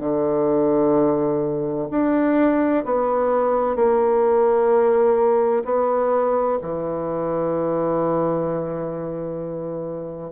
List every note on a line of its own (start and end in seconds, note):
0.00 1.87 D3
1.90 2.84 D4
2.85 3.76 B3
3.76 5.63 A#3
5.65 6.58 B3
6.62 10.32 E3